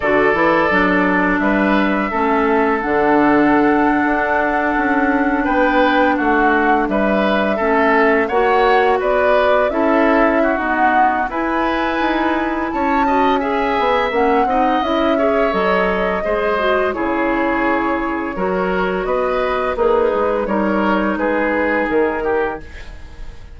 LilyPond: <<
  \new Staff \with { instrumentName = "flute" } { \time 4/4 \tempo 4 = 85 d''2 e''2 | fis''2.~ fis''8. g''16~ | g''8. fis''4 e''2 fis''16~ | fis''8. d''4 e''4~ e''16 fis''4 |
gis''2 a''4 gis''4 | fis''4 e''4 dis''2 | cis''2. dis''4 | b'4 cis''4 b'4 ais'4 | }
  \new Staff \with { instrumentName = "oboe" } { \time 4/4 a'2 b'4 a'4~ | a'2.~ a'8. b'16~ | b'8. fis'4 b'4 a'4 cis''16~ | cis''8. b'4 a'4 fis'4~ fis'16 |
b'2 cis''8 dis''8 e''4~ | e''8 dis''4 cis''4. c''4 | gis'2 ais'4 b'4 | dis'4 ais'4 gis'4. g'8 | }
  \new Staff \with { instrumentName = "clarinet" } { \time 4/4 fis'8 e'8 d'2 cis'4 | d'1~ | d'2~ d'8. cis'4 fis'16~ | fis'4.~ fis'16 e'4~ e'16 b4 |
e'2~ e'8 fis'8 gis'4 | cis'8 dis'8 e'8 gis'8 a'4 gis'8 fis'8 | e'2 fis'2 | gis'4 dis'2. | }
  \new Staff \with { instrumentName = "bassoon" } { \time 4/4 d8 e8 fis4 g4 a4 | d4.~ d16 d'4 cis'4 b16~ | b8. a4 g4 a4 ais16~ | ais8. b4 cis'4~ cis'16 dis'4 |
e'4 dis'4 cis'4. b8 | ais8 c'8 cis'4 fis4 gis4 | cis2 fis4 b4 | ais8 gis8 g4 gis4 dis4 | }
>>